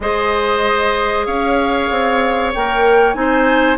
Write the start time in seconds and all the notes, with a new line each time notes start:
0.00 G#3 G#4 C5 D#5
1.26 C#4 C#5 F5
1.90 C4
2.54 A#3 A#4 G5
3.13 C4 D#4 G#5
3.21 C5